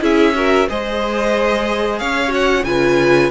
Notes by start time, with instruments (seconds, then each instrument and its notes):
0.00 cello C#4, viola E4, violin G#4 E5
0.34 viola F#4, violin A#4
0.68 cello G#3, viola G#4, violin C5 D#5
1.99 cello C#4, violin C#5 F5
2.28 viola F#4, violin F#5
2.64 cello C#3, viola F4, violin B4 G#5